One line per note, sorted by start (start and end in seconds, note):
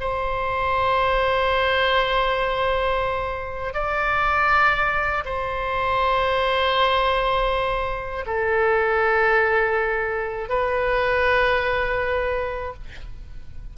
0.00 3.74 C5
3.74 5.24 D5
5.25 8.25 C5
8.26 10.49 A4
10.49 12.74 B4